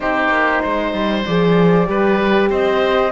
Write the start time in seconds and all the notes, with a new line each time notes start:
0.00 C4 D#4 G4 C5
0.28 A#3
0.62 G#3 C5
0.93 G3
1.25 F3 G#4 D5
1.85 G3 G4 B4
2.49 C4 C5 D#5